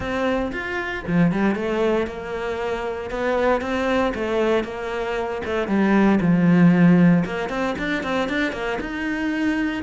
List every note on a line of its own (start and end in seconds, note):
0.00 0.51 C4
0.51 1.03 F4
1.07 1.31 F3
1.31 1.55 G3
1.55 2.07 A3
2.07 3.10 A#3
3.10 3.61 B3
3.61 4.13 C4
4.14 4.64 A3
4.64 5.41 A#3
5.45 5.67 A3
5.67 6.19 G3
6.20 7.24 F3
7.25 7.49 A#3
7.49 7.75 C4
7.78 8.03 D4
8.03 8.29 C4
8.29 8.52 D4
8.52 8.78 A#3
8.80 9.83 D#4